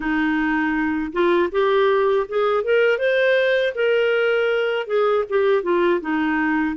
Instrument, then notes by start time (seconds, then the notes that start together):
clarinet
0.00 D#4
1.12 F4
1.51 G4
2.28 G#4
2.63 A#4
2.98 C5
3.75 A#4
4.86 G#4
5.29 G4
5.62 F4
6.00 D#4